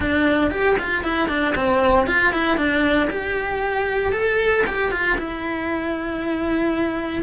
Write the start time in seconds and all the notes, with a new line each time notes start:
0.00 D4
0.50 G4
0.78 F4
1.03 E4
1.28 D4
1.55 C4
2.06 F4
2.32 E4
2.57 D4
3.09 G4
4.12 A4
4.67 G4
4.91 F4
5.17 E4